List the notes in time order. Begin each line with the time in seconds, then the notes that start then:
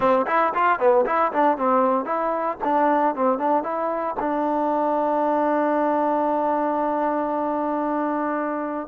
0.00 C4
0.27 E4
0.54 F4
0.79 B3
1.06 E4
1.32 D4
1.57 C4
2.05 E4
2.63 D4
3.15 C4
3.38 D4
3.63 E4
4.19 D4